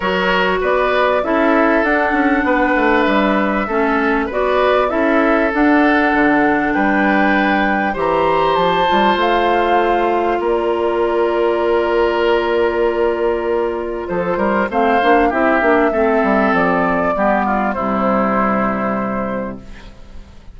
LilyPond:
<<
  \new Staff \with { instrumentName = "flute" } { \time 4/4 \tempo 4 = 98 cis''4 d''4 e''4 fis''4~ | fis''4 e''2 d''4 | e''4 fis''2 g''4~ | g''4 ais''4 a''4 f''4~ |
f''4 d''2.~ | d''2. c''4 | f''4 e''2 d''4~ | d''4 c''2. | }
  \new Staff \with { instrumentName = "oboe" } { \time 4/4 ais'4 b'4 a'2 | b'2 a'4 b'4 | a'2. b'4~ | b'4 c''2.~ |
c''4 ais'2.~ | ais'2. a'8 ais'8 | c''4 g'4 a'2 | g'8 f'8 e'2. | }
  \new Staff \with { instrumentName = "clarinet" } { \time 4/4 fis'2 e'4 d'4~ | d'2 cis'4 fis'4 | e'4 d'2.~ | d'4 g'4. f'4.~ |
f'1~ | f'1 | c'8 d'8 e'8 d'8 c'2 | b4 g2. | }
  \new Staff \with { instrumentName = "bassoon" } { \time 4/4 fis4 b4 cis'4 d'8 cis'8 | b8 a8 g4 a4 b4 | cis'4 d'4 d4 g4~ | g4 e4 f8 g8 a4~ |
a4 ais2.~ | ais2. f8 g8 | a8 ais8 c'8 ais8 a8 g8 f4 | g4 c2. | }
>>